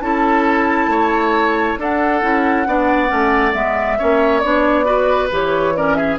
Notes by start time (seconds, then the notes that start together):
0.00 C#4 E4 A4 A5
0.87 A3 C#5
1.78 D4 A4 F#5
2.21 C#4 E4
2.66 B3 D4 D5
3.07 A3 C#4
3.53 G#3 B3 E5
3.98 A#3 C#4 C#5
4.39 B3 D4 D5
4.84 F#4 B4
5.31 E3 G4 C#5
5.75 C#4 A#4 D5
5.94 G#4 E5